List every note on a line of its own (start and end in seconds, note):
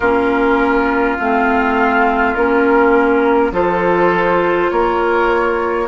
0.00 1.17 A#3
0.00 1.20 C#4
0.00 3.51 F4
0.00 1.16 A#4
1.19 2.35 A3
1.19 2.36 C4
1.19 2.34 F5
2.34 3.51 A#3
2.34 3.51 C#4
2.34 3.52 A#4
3.51 4.69 F3
3.51 5.87 F4
3.51 4.71 A4
3.51 4.70 C5
4.70 5.87 A#3
4.70 5.87 A#4
4.70 5.87 C#5